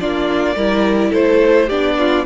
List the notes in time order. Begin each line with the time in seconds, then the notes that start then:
0.00 A#3 D4 F4 D5
0.56 G3 E4 A#4
1.10 A3 A4 C5
1.67 B3 D4 G4 D5
1.99 F4